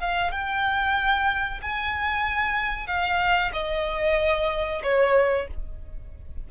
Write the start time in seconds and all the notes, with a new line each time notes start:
0.00 F5
0.32 G5
1.62 G#5
2.87 F5
3.53 D#5
4.83 C#5